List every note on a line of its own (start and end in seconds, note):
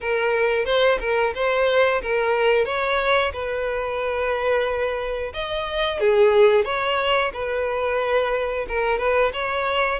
0.00 0.65 A#4
0.65 0.98 C5
1.00 1.33 A#4
1.35 2.01 C5
2.02 2.65 A#4
2.65 3.32 C#5
3.32 5.32 B4
5.33 5.99 D#5
5.99 6.65 G#4
6.65 7.31 C#5
7.33 8.66 B4
8.68 8.98 A#4
8.98 9.32 B4
9.33 9.99 C#5